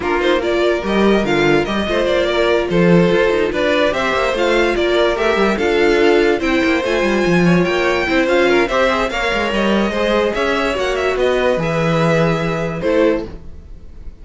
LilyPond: <<
  \new Staff \with { instrumentName = "violin" } { \time 4/4 \tempo 4 = 145 ais'8 c''8 d''4 dis''4 f''4 | dis''4 d''4. c''4.~ | c''8 d''4 e''4 f''4 d''8~ | d''8 e''4 f''2 g''8~ |
g''8 gis''2 g''4. | f''4 e''4 f''4 dis''4~ | dis''4 e''4 fis''8 e''8 dis''4 | e''2. c''4 | }
  \new Staff \with { instrumentName = "violin" } { \time 4/4 f'4 ais'2.~ | ais'8 c''4 ais'4 a'4.~ | a'8 b'4 c''2 ais'8~ | ais'4. a'2 c''8~ |
c''2 cis''4. c''8~ | c''8 ais'8 c''4 cis''2 | c''4 cis''2 b'4~ | b'2. a'4 | }
  \new Staff \with { instrumentName = "viola" } { \time 4/4 d'8 dis'8 f'4 g'4 f'4 | g'8 f'2.~ f'8~ | f'4. g'4 f'4.~ | f'8 g'4 f'2 e'8~ |
e'8 f'2. e'8 | f'4 g'8 gis'8 ais'2 | gis'2 fis'2 | gis'2. e'4 | }
  \new Staff \with { instrumentName = "cello" } { \time 4/4 ais2 g4 d4 | g8 a8 ais4. f4 f'8 | dis'8 d'4 c'8 ais8 a4 ais8~ | ais8 a8 g8 d'2 c'8 |
ais8 a8 g8 f4 ais4 c'8 | cis'4 c'4 ais8 gis8 g4 | gis4 cis'4 ais4 b4 | e2. a4 | }
>>